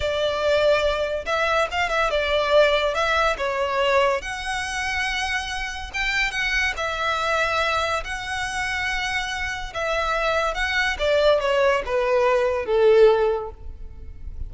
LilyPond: \new Staff \with { instrumentName = "violin" } { \time 4/4 \tempo 4 = 142 d''2. e''4 | f''8 e''8 d''2 e''4 | cis''2 fis''2~ | fis''2 g''4 fis''4 |
e''2. fis''4~ | fis''2. e''4~ | e''4 fis''4 d''4 cis''4 | b'2 a'2 | }